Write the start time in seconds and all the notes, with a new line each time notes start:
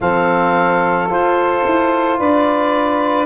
0.00 F3 C4 A4 F5
1.10 F4 C5
1.65 E4
2.17 D4 B4 D5